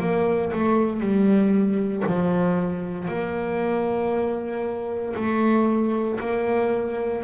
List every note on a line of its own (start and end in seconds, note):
0.00 0.52 A#3
0.53 1.00 A3
1.00 2.04 G3
2.06 3.08 F3
3.08 5.15 A#3
5.16 6.19 A3
6.20 7.24 A#3